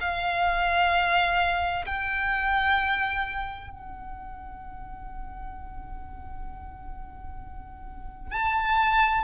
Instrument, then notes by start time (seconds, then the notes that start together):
violin
0.00 F5
1.85 G5
3.70 F#5
8.31 A5